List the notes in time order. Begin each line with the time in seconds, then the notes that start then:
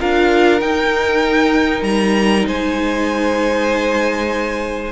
0.00 D4 F4 A#4 F5
0.61 D#4 G5
1.82 G3 A#5
2.47 G#3 C5 G#5